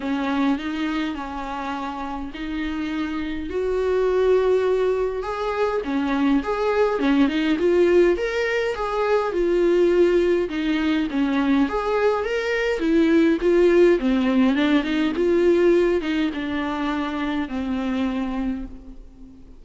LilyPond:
\new Staff \with { instrumentName = "viola" } { \time 4/4 \tempo 4 = 103 cis'4 dis'4 cis'2 | dis'2 fis'2~ | fis'4 gis'4 cis'4 gis'4 | cis'8 dis'8 f'4 ais'4 gis'4 |
f'2 dis'4 cis'4 | gis'4 ais'4 e'4 f'4 | c'4 d'8 dis'8 f'4. dis'8 | d'2 c'2 | }